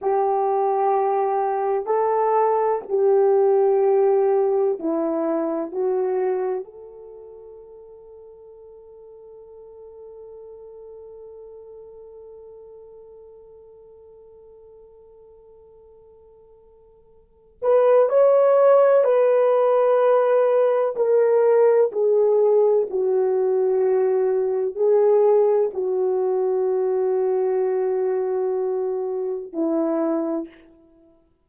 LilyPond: \new Staff \with { instrumentName = "horn" } { \time 4/4 \tempo 4 = 63 g'2 a'4 g'4~ | g'4 e'4 fis'4 a'4~ | a'1~ | a'1~ |
a'2~ a'8 b'8 cis''4 | b'2 ais'4 gis'4 | fis'2 gis'4 fis'4~ | fis'2. e'4 | }